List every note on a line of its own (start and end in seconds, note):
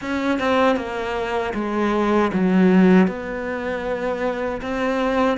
0.01 0.38 C#4
0.38 0.76 C4
0.76 1.53 A#3
1.54 2.31 G#3
2.33 3.07 F#3
3.07 4.61 B3
4.62 5.37 C4